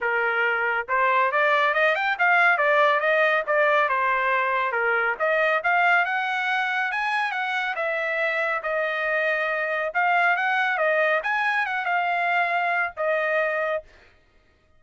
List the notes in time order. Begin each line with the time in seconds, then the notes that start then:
0.00 A#4
0.88 C5
1.31 D5
1.74 D#5
1.95 G5
2.18 F5
2.57 D5
3.00 D#5
3.46 D5
3.88 C5
4.71 A#4
5.19 D#5
5.63 F5
6.05 F#5
6.91 G#5
7.31 F#5
7.75 E5
8.63 D#5
9.94 F5
10.36 F#5
10.77 D#5
11.23 G#5
11.65 F#5
11.85 F5
12.96 D#5